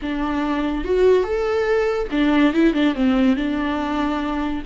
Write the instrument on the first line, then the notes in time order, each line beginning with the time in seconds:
viola
0.02 D4
0.84 F#4
1.23 A4
2.11 D4
2.53 E4
2.73 D4
2.95 C4
3.36 D4